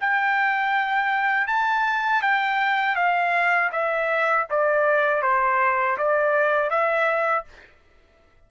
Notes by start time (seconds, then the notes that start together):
0.00 G5
1.47 A5
2.21 G5
2.95 F5
3.72 E5
4.50 D5
5.22 C5
5.97 D5
6.70 E5